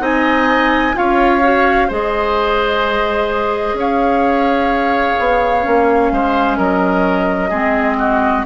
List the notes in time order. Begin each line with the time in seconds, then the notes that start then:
0.00 C4 D#4 D#5 G#5
0.94 C#4 F4 C#5 F5
1.43 F#4
1.88 G#3 G#4 C5 D#5
3.74 C#4 C#5
3.80 F5
5.19 B3
5.62 A#3 C#4
6.12 G#3 C5
6.58 F#3 A#4 D#5
7.50 G#3 C4 G#4
7.98 F#4